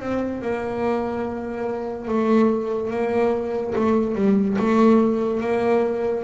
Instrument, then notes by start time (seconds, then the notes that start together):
double bass
0.00 C4
0.42 A#3
2.08 A3
2.91 A#3
3.75 A3
4.16 G3
4.59 A3
5.41 A#3